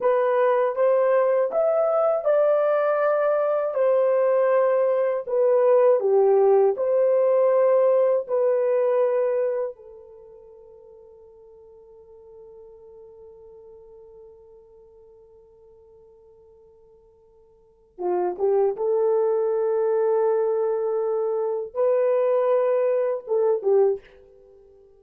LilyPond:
\new Staff \with { instrumentName = "horn" } { \time 4/4 \tempo 4 = 80 b'4 c''4 e''4 d''4~ | d''4 c''2 b'4 | g'4 c''2 b'4~ | b'4 a'2.~ |
a'1~ | a'1 | f'8 g'8 a'2.~ | a'4 b'2 a'8 g'8 | }